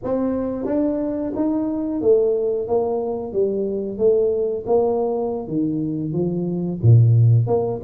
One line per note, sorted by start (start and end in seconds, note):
0.03 0.65 C4
0.65 1.32 D4
1.35 2.01 D#4
2.01 2.67 A3
2.67 3.32 A#3
3.32 3.98 G3
3.98 4.64 A3
4.66 5.47 A#3
5.47 6.12 D#3
6.12 6.79 F3
6.82 7.47 A#2
7.47 7.80 A#3